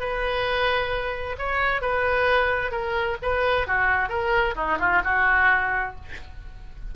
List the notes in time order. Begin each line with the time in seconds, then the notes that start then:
0.00 B4
1.38 C#5
1.82 B4
2.72 A#4
3.22 B4
3.67 F#4
4.09 A#4
4.56 D#4
4.79 F4
5.05 F#4